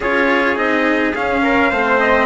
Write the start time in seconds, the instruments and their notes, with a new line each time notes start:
0.00 bassoon C#4, cello F4, trumpet G#4 C#5
0.55 bassoon C4, cello D#4, trumpet D#5
1.14 cello C#4, bassoon C#4, trumpet F5
1.42 trumpet A#4
1.70 bassoon A3, cello C4, trumpet C5
1.99 trumpet D#5